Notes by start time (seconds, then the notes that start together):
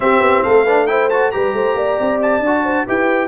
0.00 C4 G4 E5
0.20 B3
0.43 A3 A4 F5
0.63 D4 B4
0.86 E4 C5 G5
1.09 F#4 A5
1.31 G3 G4 B4 A#5
1.52 A3 C5
1.74 A#3 D5
2.00 C4
2.22 A5
2.39 D4
2.46 F#4
2.63 C5
2.86 E4 G4 B4 G5